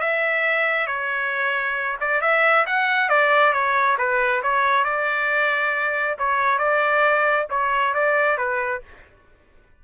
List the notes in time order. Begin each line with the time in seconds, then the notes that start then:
0.00 E5
0.87 C#5
2.00 D5
2.21 E5
2.66 F#5
3.09 D5
3.53 C#5
3.98 B4
4.43 C#5
4.84 D5
6.18 C#5
6.58 D5
7.50 C#5
7.94 D5
8.37 B4